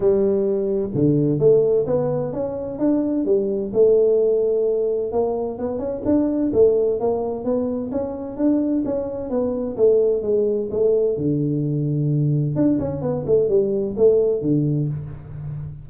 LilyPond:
\new Staff \with { instrumentName = "tuba" } { \time 4/4 \tempo 4 = 129 g2 d4 a4 | b4 cis'4 d'4 g4 | a2. ais4 | b8 cis'8 d'4 a4 ais4 |
b4 cis'4 d'4 cis'4 | b4 a4 gis4 a4 | d2. d'8 cis'8 | b8 a8 g4 a4 d4 | }